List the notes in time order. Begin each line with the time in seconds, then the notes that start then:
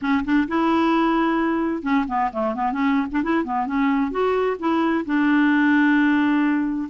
0.01 C#4
0.24 D4
0.48 E4
1.82 C#4
2.07 B3
2.32 A3
2.54 B3
2.72 C#4
3.11 D4
3.23 E4
3.44 B3
3.66 C#4
4.11 F#4
4.59 E4
5.05 D4